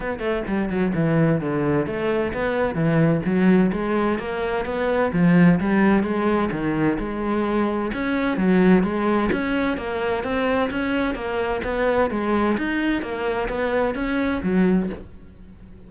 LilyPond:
\new Staff \with { instrumentName = "cello" } { \time 4/4 \tempo 4 = 129 b8 a8 g8 fis8 e4 d4 | a4 b4 e4 fis4 | gis4 ais4 b4 f4 | g4 gis4 dis4 gis4~ |
gis4 cis'4 fis4 gis4 | cis'4 ais4 c'4 cis'4 | ais4 b4 gis4 dis'4 | ais4 b4 cis'4 fis4 | }